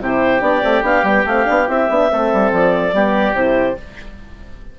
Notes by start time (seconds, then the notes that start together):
0.00 C3 E4 G4 C5
0.40 B3 D4 D5
0.61 A3 C4
0.82 B3 D4 F5
1.03 G3 B3 G5
1.25 A3 C4 F5
1.44 B3 D4
1.67 C4 E4 E5
1.89 B3 D4
2.08 A3 C4 A4
2.33 G3
2.51 F3 D5
2.93 G3 B3 G4
3.33 C3 E4 C5